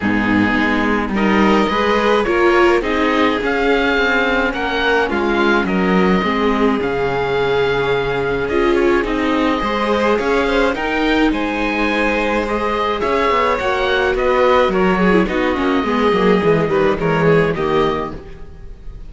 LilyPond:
<<
  \new Staff \with { instrumentName = "oboe" } { \time 4/4 \tempo 4 = 106 gis'2 dis''2 | cis''4 dis''4 f''2 | fis''4 f''4 dis''2 | f''2. dis''8 cis''8 |
dis''2 f''4 g''4 | gis''2 dis''4 e''4 | fis''4 dis''4 cis''4 dis''4~ | dis''2 cis''4 dis''4 | }
  \new Staff \with { instrumentName = "violin" } { \time 4/4 dis'2 ais'4 b'4 | ais'4 gis'2. | ais'4 f'4 ais'4 gis'4~ | gis'1~ |
gis'4 c''4 cis''8 c''8 ais'4 | c''2. cis''4~ | cis''4 b'4 ais'8 gis'8 fis'4 | gis'4. b'8 ais'8 gis'8 g'4 | }
  \new Staff \with { instrumentName = "viola" } { \time 4/4 b2 dis'4 gis'4 | f'4 dis'4 cis'2~ | cis'2. c'4 | cis'2. f'4 |
dis'4 gis'2 dis'4~ | dis'2 gis'2 | fis'2~ fis'8. e'16 dis'8 cis'8 | b8 ais8 gis8 g8 gis4 ais4 | }
  \new Staff \with { instrumentName = "cello" } { \time 4/4 gis,4 gis4 g4 gis4 | ais4 c'4 cis'4 c'4 | ais4 gis4 fis4 gis4 | cis2. cis'4 |
c'4 gis4 cis'4 dis'4 | gis2. cis'8 b8 | ais4 b4 fis4 b8 ais8 | gis8 fis8 e8 dis8 e4 dis4 | }
>>